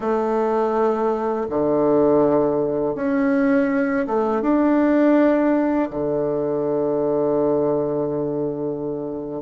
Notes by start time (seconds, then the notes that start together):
0.00 A3
1.49 D3
2.95 C#4
4.06 A3
4.41 D4
5.90 D3